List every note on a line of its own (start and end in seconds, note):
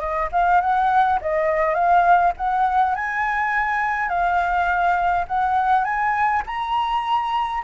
0.00 0.29 D#5
0.32 0.61 F5
0.61 1.19 F#5
1.21 1.74 D#5
1.74 2.33 F5
2.37 2.95 F#5
2.95 4.09 G#5
4.09 5.25 F5
5.28 5.85 F#5
5.85 6.43 G#5
6.46 7.63 A#5